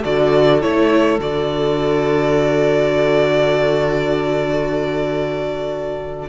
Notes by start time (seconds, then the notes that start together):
0.00 D3 F#4 A4 D5
0.62 A3 E4 C#5
1.19 D3 F#4 D5